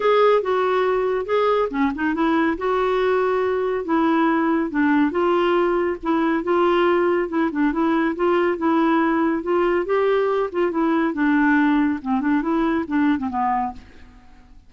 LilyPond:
\new Staff \with { instrumentName = "clarinet" } { \time 4/4 \tempo 4 = 140 gis'4 fis'2 gis'4 | cis'8 dis'8 e'4 fis'2~ | fis'4 e'2 d'4 | f'2 e'4 f'4~ |
f'4 e'8 d'8 e'4 f'4 | e'2 f'4 g'4~ | g'8 f'8 e'4 d'2 | c'8 d'8 e'4 d'8. c'16 b4 | }